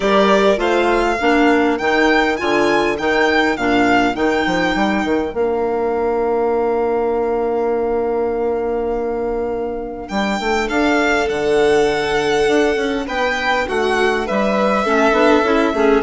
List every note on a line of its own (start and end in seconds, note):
0.00 0.57 G3
0.00 0.56 G4
0.00 0.59 A#4
0.00 0.58 D5
0.56 1.17 A3
0.56 1.16 F4
0.56 1.18 C5
0.56 1.77 F5
1.18 1.79 A#3
1.18 1.79 D4
1.18 10.68 A#4
1.77 2.39 D#3
1.77 2.37 D#4
1.77 2.37 G5
2.37 2.99 D3
2.37 2.97 F4
2.37 2.96 G#5
2.98 3.57 D#3
2.98 3.57 D#4
2.98 3.56 G5
3.56 4.15 A#2
3.56 4.14 D4
3.56 4.15 F5
4.14 4.45 D#3
4.14 5.33 D#4
4.14 5.34 G5
4.45 4.75 F3
4.75 5.04 G3
5.04 5.33 D#3
5.33 10.08 A#3
5.33 14.83 D4
5.33 10.08 F5
10.08 10.39 G3
10.08 10.67 G5
10.39 10.69 A3
10.68 11.28 D4
10.68 13.06 A4
10.68 11.28 F5
11.28 12.47 D3
11.28 13.06 F#5
12.47 12.75 D4
12.75 13.05 C#4
13.06 13.67 B3
13.06 13.65 B4
13.06 13.67 G5
13.68 14.28 A3
13.68 14.25 F#4
13.68 14.27 F#5
14.25 14.86 G3
14.25 14.84 B4
14.25 16.02 E5
14.84 15.11 A3
14.84 15.12 C#4
14.84 15.73 A4
15.11 15.41 B3
15.11 15.42 D4
15.42 15.72 C#4
15.42 15.74 E4
15.73 16.02 A3
15.73 16.02 C#4
15.73 16.02 G#4